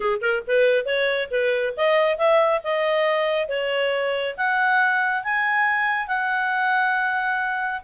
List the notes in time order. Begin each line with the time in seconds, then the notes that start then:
0.00 G#4
0.21 A#4
0.47 B4
0.85 C#5
1.30 B4
1.76 D#5
2.18 E5
2.63 D#5
3.48 C#5
4.37 F#5
5.23 G#5
6.07 F#5